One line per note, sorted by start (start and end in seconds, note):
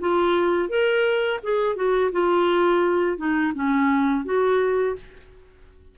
0.00 0.69 F4
0.69 1.40 A#4
1.43 1.76 G#4
1.76 2.11 F#4
2.12 3.17 F4
3.17 3.53 D#4
3.55 4.25 C#4
4.25 4.96 F#4